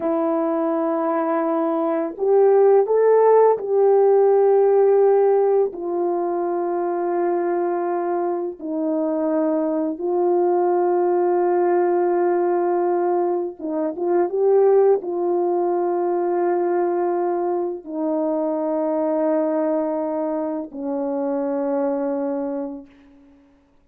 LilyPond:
\new Staff \with { instrumentName = "horn" } { \time 4/4 \tempo 4 = 84 e'2. g'4 | a'4 g'2. | f'1 | dis'2 f'2~ |
f'2. dis'8 f'8 | g'4 f'2.~ | f'4 dis'2.~ | dis'4 cis'2. | }